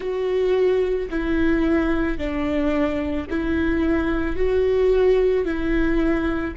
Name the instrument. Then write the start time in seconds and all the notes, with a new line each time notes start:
viola
0.00 F#4
1.10 E4
2.18 D4
3.30 E4
4.36 F#4
5.45 E4